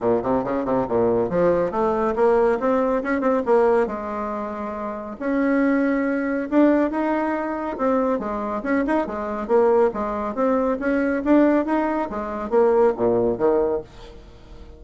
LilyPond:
\new Staff \with { instrumentName = "bassoon" } { \time 4/4 \tempo 4 = 139 ais,8 c8 cis8 c8 ais,4 f4 | a4 ais4 c'4 cis'8 c'8 | ais4 gis2. | cis'2. d'4 |
dis'2 c'4 gis4 | cis'8 dis'8 gis4 ais4 gis4 | c'4 cis'4 d'4 dis'4 | gis4 ais4 ais,4 dis4 | }